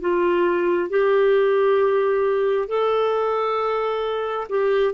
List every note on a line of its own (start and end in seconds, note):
0.00 0.89 F4
0.89 2.68 G4
2.68 4.47 A4
4.49 4.94 G4